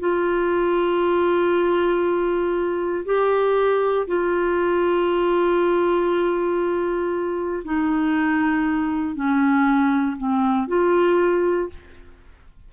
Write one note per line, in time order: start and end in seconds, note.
0.00 3.05 F4
3.06 4.07 G4
4.07 7.63 F4
7.65 9.15 D#4
9.15 10.17 C#4
10.17 10.68 C4
10.68 11.69 F4